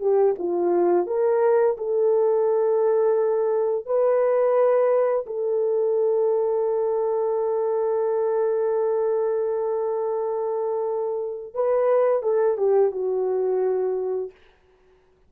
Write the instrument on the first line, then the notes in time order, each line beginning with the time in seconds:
horn
0.00 G4
0.38 F4
1.07 A#4
1.78 A4
3.86 B4
5.26 A4
11.54 B4
12.23 A4
12.57 G4
12.91 F#4